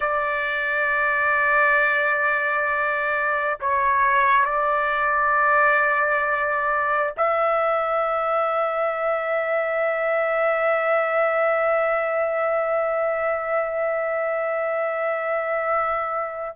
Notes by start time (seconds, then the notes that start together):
0.00 D5
3.60 C#5
4.45 D5
7.17 E5